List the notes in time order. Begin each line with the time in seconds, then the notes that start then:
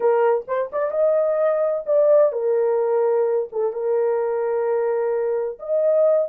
0.00 A#4
0.47 C5
0.72 D5
0.91 D#5
1.86 D5
2.32 A#4
3.51 A4
3.72 A#4
5.59 D#5